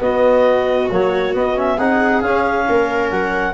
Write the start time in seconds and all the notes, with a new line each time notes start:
0.00 B3 F#4 D#5
0.90 F#3 A#3 C#5
1.33 B3 D#5
1.55 C#4 E5
1.78 C4 D#4 G#4 F#5
2.21 C#4 F5
2.68 A#3 A#4
3.10 F#3 F#5